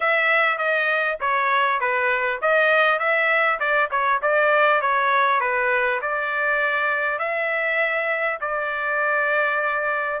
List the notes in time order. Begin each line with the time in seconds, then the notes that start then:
0.00 E5
0.58 D#5
1.20 C#5
1.80 B4
2.41 D#5
2.99 E5
3.59 D5
3.91 C#5
4.22 D5
4.81 C#5
5.40 B4
6.01 D5
7.18 E5
8.41 D5